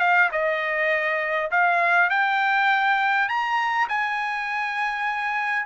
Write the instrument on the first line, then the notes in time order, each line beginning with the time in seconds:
trumpet
0.00 F5
0.32 D#5
1.51 F5
2.10 G5
3.29 A#5
3.89 G#5